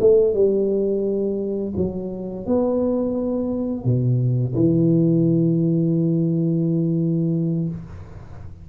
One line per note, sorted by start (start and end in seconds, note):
0.00 0.34 A3
0.34 1.73 G3
1.76 2.46 F#3
2.46 3.84 B3
3.84 4.54 B2
4.55 7.69 E3